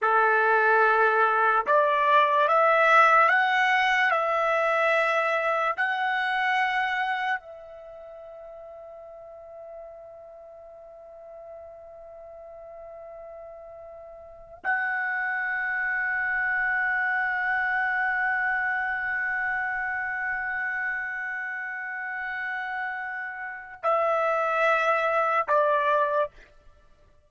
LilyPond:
\new Staff \with { instrumentName = "trumpet" } { \time 4/4 \tempo 4 = 73 a'2 d''4 e''4 | fis''4 e''2 fis''4~ | fis''4 e''2.~ | e''1~ |
e''4.~ e''16 fis''2~ fis''16~ | fis''1~ | fis''1~ | fis''4 e''2 d''4 | }